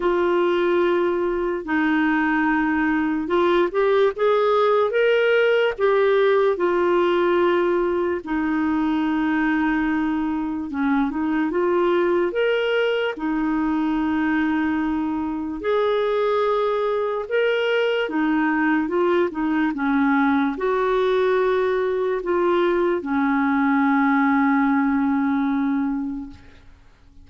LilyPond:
\new Staff \with { instrumentName = "clarinet" } { \time 4/4 \tempo 4 = 73 f'2 dis'2 | f'8 g'8 gis'4 ais'4 g'4 | f'2 dis'2~ | dis'4 cis'8 dis'8 f'4 ais'4 |
dis'2. gis'4~ | gis'4 ais'4 dis'4 f'8 dis'8 | cis'4 fis'2 f'4 | cis'1 | }